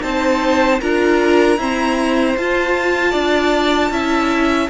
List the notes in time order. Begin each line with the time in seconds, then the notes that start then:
0.00 C4 D#4 C5 A5
0.80 D4 F4 A#4 A#5
1.57 C4 E4 C5
2.37 F4 A5
3.11 D4 D5
3.90 C#4 E4 E5